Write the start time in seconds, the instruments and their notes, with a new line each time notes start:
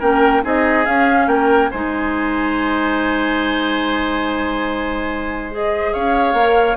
0.00 bassoon A#3, clarinet C#4, oboe A#4, flute G5
0.43 bassoon C4, clarinet D#4, oboe G#4, flute D#5
0.86 clarinet C#4, bassoon C#4, flute F5
1.27 bassoon A#3, oboe A#4, flute G5
1.71 bassoon G#3, clarinet D#4, oboe C5, flute G#5
5.51 clarinet G#4, flute D#5
5.93 bassoon C#4, oboe C#5, flute F5
6.33 bassoon A#3, clarinet A#4